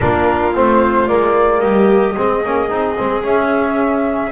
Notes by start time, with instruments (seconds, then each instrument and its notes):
0.00 double bass A#3, trombone D4, violin F4, flute A#4
0.54 double bass A3, trombone C4, flute C5
1.07 double bass G#3, trombone A#3, flute D5
1.59 double bass G3, violin G4, flute D#5
2.16 double bass G#3, trombone C4, violin G#4
2.44 double bass A#3, trombone C#4
2.69 double bass C4, trombone D#4
2.97 double bass G#3, trombone C4
3.22 trombone C#4, double bass C#4, flute E5